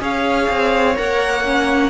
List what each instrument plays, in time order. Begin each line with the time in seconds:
0.00 cello C#4, viola G#4, violin C#5 F5
0.50 cello C4
0.96 cello A#3, viola A#4, violin F#5
1.44 viola C#4